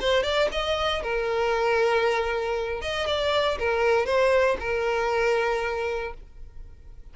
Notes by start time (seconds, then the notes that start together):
0.00 C5
0.23 D5
0.52 D#5
1.02 A#4
2.81 D#5
3.07 D5
3.59 A#4
4.06 C5
4.60 A#4